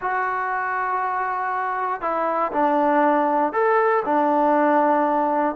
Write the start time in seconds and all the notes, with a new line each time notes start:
0.01 F#4
2.01 E4
2.52 D4
3.52 A4
4.05 D4